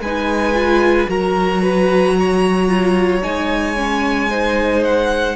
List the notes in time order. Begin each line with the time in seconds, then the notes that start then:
0.00 G#3 D#4 B4 G#5
0.54 F4
1.07 F#3 F#4 A#4 A#5
1.62 B4
2.20 C#5
2.68 F4
3.23 G#3 D#4 G#5
3.77 C#4
4.30 D#4 C5
4.84 F#5